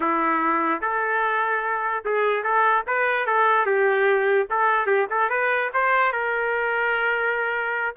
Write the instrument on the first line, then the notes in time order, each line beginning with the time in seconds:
trumpet
0.00 E4
0.81 A4
2.04 G#4
2.43 A4
2.86 B4
3.26 A4
3.65 G4
4.50 A4
4.86 G4
5.10 A4
5.29 B4
5.73 C5
6.12 A#4